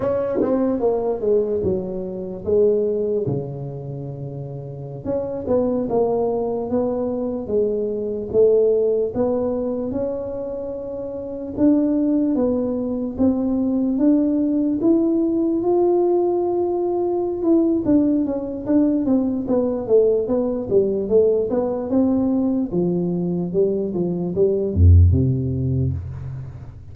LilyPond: \new Staff \with { instrumentName = "tuba" } { \time 4/4 \tempo 4 = 74 cis'8 c'8 ais8 gis8 fis4 gis4 | cis2~ cis16 cis'8 b8 ais8.~ | ais16 b4 gis4 a4 b8.~ | b16 cis'2 d'4 b8.~ |
b16 c'4 d'4 e'4 f'8.~ | f'4. e'8 d'8 cis'8 d'8 c'8 | b8 a8 b8 g8 a8 b8 c'4 | f4 g8 f8 g8 f,8 c4 | }